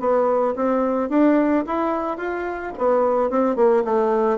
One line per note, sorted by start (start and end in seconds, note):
0.00 0.55 B3
0.56 1.10 C4
1.10 1.65 D4
1.67 2.18 E4
2.18 2.73 F4
2.78 3.31 B3
3.31 3.56 C4
3.56 3.84 A#3
3.85 4.39 A3